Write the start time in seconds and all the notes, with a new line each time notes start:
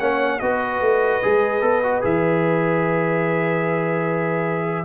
0.00 A#3 C#4 C#5 F#5
0.40 B3 F#4 B4 D#5
0.81 A3
1.23 G#3 G#4
1.61 B3 A4
1.83 F#4
2.02 E3 G#4 E5